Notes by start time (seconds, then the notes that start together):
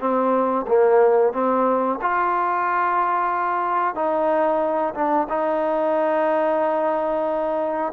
0.00 C4
0.67 A#3
1.33 C4
2.01 F4
3.95 D#4
4.95 D4
5.29 D#4